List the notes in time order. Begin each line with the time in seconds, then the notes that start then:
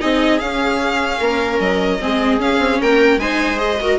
0.00 C4 D#4 G#4 D#5
0.39 C#4 F5
1.20 A#3 A#4
1.60 F#3 D#5
2.00 G#3 C4 G#4
2.39 C#4 F5
2.59 C4
2.81 A#3 A#4 G5
3.18 G#3 D#4 C5 G#5
3.57 G#4 D#5
3.81 F#4 A#4